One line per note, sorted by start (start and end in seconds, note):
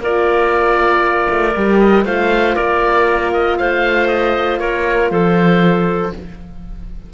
0.00 1.27 A#3
0.00 1.55 F4
0.00 2.05 A#4
0.00 1.79 D5
1.30 1.55 A3
1.56 2.05 G3
1.56 2.06 G4
1.79 2.05 D#5
2.05 2.56 A3
2.05 6.12 F4
2.05 2.56 C5
2.05 2.55 F5
2.55 3.59 A#3
2.55 3.58 A#4
2.55 3.32 D5
3.33 3.58 D#5
3.58 4.60 A3
3.58 4.60 C5
3.58 4.08 F5
4.08 4.59 D#5
4.59 5.11 A#3
4.59 5.11 A#4
4.59 5.10 C#5
5.11 6.12 F3
5.11 6.13 A4
5.11 6.13 C5